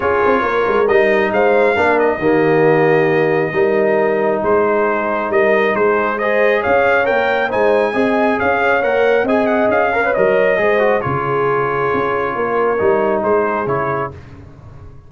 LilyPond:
<<
  \new Staff \with { instrumentName = "trumpet" } { \time 4/4 \tempo 4 = 136 cis''2 dis''4 f''4~ | f''8 dis''2.~ dis''8~ | dis''2 c''2 | dis''4 c''4 dis''4 f''4 |
g''4 gis''2 f''4 | fis''4 gis''8 fis''8 f''4 dis''4~ | dis''4 cis''2.~ | cis''2 c''4 cis''4 | }
  \new Staff \with { instrumentName = "horn" } { \time 4/4 gis'4 ais'2 c''4 | ais'4 g'2. | ais'2 gis'2 | ais'4 gis'4 c''4 cis''4~ |
cis''4 c''4 dis''4 cis''4~ | cis''4 dis''4. cis''4. | c''4 gis'2. | ais'2 gis'2 | }
  \new Staff \with { instrumentName = "trombone" } { \time 4/4 f'2 dis'2 | d'4 ais2. | dis'1~ | dis'2 gis'2 |
ais'4 dis'4 gis'2 | ais'4 gis'4. ais'16 b'16 ais'4 | gis'8 fis'8 f'2.~ | f'4 dis'2 e'4 | }
  \new Staff \with { instrumentName = "tuba" } { \time 4/4 cis'8 c'8 ais8 gis8 g4 gis4 | ais4 dis2. | g2 gis2 | g4 gis2 cis'4 |
ais4 gis4 c'4 cis'4 | ais4 c'4 cis'4 fis4 | gis4 cis2 cis'4 | ais4 g4 gis4 cis4 | }
>>